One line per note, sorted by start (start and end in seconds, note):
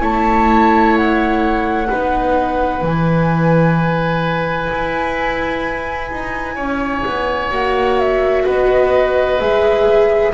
0.00 1.89 A3
0.00 1.88 E4
0.00 1.88 C#5
0.00 0.97 A5
0.97 2.85 F#5
1.89 2.82 B3
1.89 2.83 D#4
1.89 6.55 B4
2.82 4.70 E3
2.82 7.52 E4
2.82 7.54 G#5
4.72 6.11 E4
6.11 6.57 D#4
6.55 7.04 C#4
6.55 8.43 C#5
7.06 7.52 B3
7.52 8.45 A#3
7.52 9.39 F#4
7.52 7.99 F#5
7.99 8.46 E5
8.45 9.40 B3
8.45 10.32 B4
8.45 9.40 D#5
9.40 10.34 G#3
9.40 10.34 G#4
9.40 10.34 E5